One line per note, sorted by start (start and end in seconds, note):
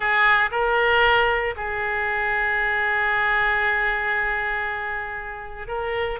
0.00 0.50 G#4
0.51 1.54 A#4
1.56 5.67 G#4
5.67 6.19 A#4